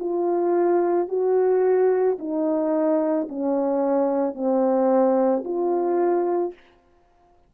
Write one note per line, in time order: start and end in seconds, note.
0.00 1.09 F4
1.09 2.18 F#4
2.19 3.28 D#4
3.29 4.35 C#4
4.35 5.44 C4
5.44 6.54 F4